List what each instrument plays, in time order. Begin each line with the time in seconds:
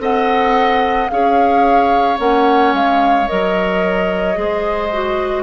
0.00 bassoon C4, clarinet A4, oboe D#5, flute F#5
1.10 bassoon C#4, clarinet G#4, oboe C#5, flute F5
2.17 bassoon A#3, clarinet C#4, flute F#5
2.74 bassoon G#3, flute F5
3.28 bassoon F#3, clarinet A#4, flute D#5
4.35 bassoon G#3, clarinet G#4, oboe C5
4.93 clarinet F#4